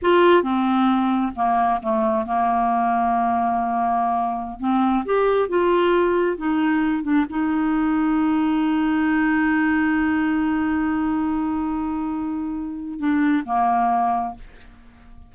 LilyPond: \new Staff \with { instrumentName = "clarinet" } { \time 4/4 \tempo 4 = 134 f'4 c'2 ais4 | a4 ais2.~ | ais2~ ais16 c'4 g'8.~ | g'16 f'2 dis'4. d'16~ |
d'16 dis'2.~ dis'8.~ | dis'1~ | dis'1~ | dis'4 d'4 ais2 | }